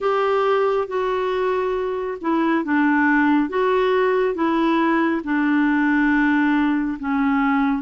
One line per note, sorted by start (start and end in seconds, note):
0.00 0.87 G4
0.87 2.17 F#4
2.21 2.64 E4
2.64 3.49 D4
3.49 4.34 F#4
4.34 5.21 E4
5.24 6.98 D4
6.99 7.82 C#4